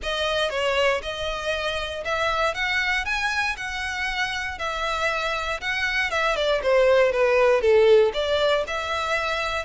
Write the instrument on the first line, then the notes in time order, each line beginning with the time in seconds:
violin
0.02 D#5
0.50 C#5
1.02 D#5
2.04 E5
2.54 F#5
3.05 G#5
3.56 F#5
4.58 E5
5.60 F#5
6.10 E5
6.36 D5
6.62 C5
7.12 B4
7.61 A4
8.13 D5
8.67 E5